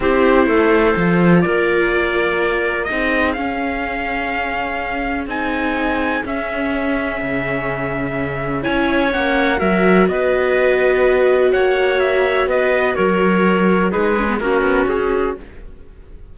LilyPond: <<
  \new Staff \with { instrumentName = "trumpet" } { \time 4/4 \tempo 4 = 125 c''2. d''4~ | d''2 dis''4 f''4~ | f''2. gis''4~ | gis''4 e''2.~ |
e''2 gis''4 fis''4 | e''4 dis''2. | fis''4 e''4 dis''4 cis''4~ | cis''4 b'4 ais'4 gis'4 | }
  \new Staff \with { instrumentName = "clarinet" } { \time 4/4 g'4 a'2 ais'4~ | ais'2 gis'2~ | gis'1~ | gis'1~ |
gis'2 cis''2 | ais'4 b'2. | cis''2 b'4 ais'4~ | ais'4 gis'4 fis'2 | }
  \new Staff \with { instrumentName = "viola" } { \time 4/4 e'2 f'2~ | f'2 dis'4 cis'4~ | cis'2. dis'4~ | dis'4 cis'2.~ |
cis'2 e'4 cis'4 | fis'1~ | fis'1~ | fis'4 dis'8 cis'16 b16 cis'2 | }
  \new Staff \with { instrumentName = "cello" } { \time 4/4 c'4 a4 f4 ais4~ | ais2 c'4 cis'4~ | cis'2. c'4~ | c'4 cis'2 cis4~ |
cis2 cis'4 ais4 | fis4 b2. | ais2 b4 fis4~ | fis4 gis4 ais8 b8 cis'4 | }
>>